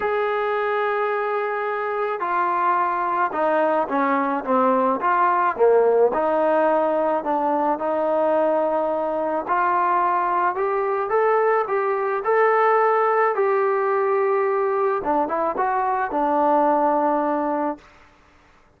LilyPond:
\new Staff \with { instrumentName = "trombone" } { \time 4/4 \tempo 4 = 108 gis'1 | f'2 dis'4 cis'4 | c'4 f'4 ais4 dis'4~ | dis'4 d'4 dis'2~ |
dis'4 f'2 g'4 | a'4 g'4 a'2 | g'2. d'8 e'8 | fis'4 d'2. | }